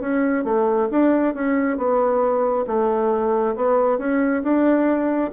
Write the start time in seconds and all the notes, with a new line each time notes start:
0.00 C#4
0.44 A3
0.91 D4
1.34 C#4
1.77 B3
2.67 A3
3.56 B3
3.98 C#4
4.43 D4